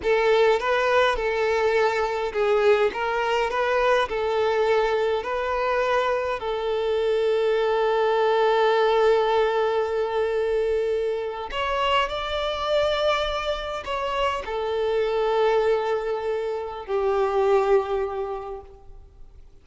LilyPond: \new Staff \with { instrumentName = "violin" } { \time 4/4 \tempo 4 = 103 a'4 b'4 a'2 | gis'4 ais'4 b'4 a'4~ | a'4 b'2 a'4~ | a'1~ |
a'2.~ a'8. cis''16~ | cis''8. d''2. cis''16~ | cis''8. a'2.~ a'16~ | a'4 g'2. | }